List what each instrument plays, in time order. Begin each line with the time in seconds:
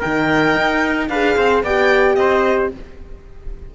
0.00 cello D#3, horn D#4, trumpet A#4, violin G5
0.56 cello D#4
1.09 cello D4, horn G#4, trumpet B4, violin F5
1.37 cello C4, trumpet C5
1.63 cello B3, horn G4, trumpet D5, violin G5
2.16 cello C4, trumpet C5, violin D#5